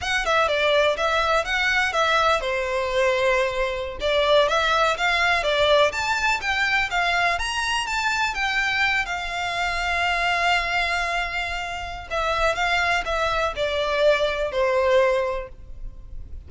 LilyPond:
\new Staff \with { instrumentName = "violin" } { \time 4/4 \tempo 4 = 124 fis''8 e''8 d''4 e''4 fis''4 | e''4 c''2.~ | c''16 d''4 e''4 f''4 d''8.~ | d''16 a''4 g''4 f''4 ais''8.~ |
ais''16 a''4 g''4. f''4~ f''16~ | f''1~ | f''4 e''4 f''4 e''4 | d''2 c''2 | }